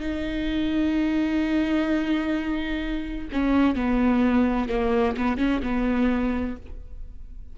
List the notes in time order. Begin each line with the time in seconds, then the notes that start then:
0.00 D#4
3.33 C#4
3.75 B3
4.69 A#3
5.17 B3
5.37 C#4
5.63 B3